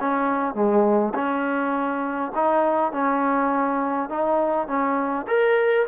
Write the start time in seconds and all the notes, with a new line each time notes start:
0.00 C#4
0.55 G#3
1.15 C#4
2.35 D#4
2.93 C#4
4.09 D#4
4.68 C#4
5.28 A#4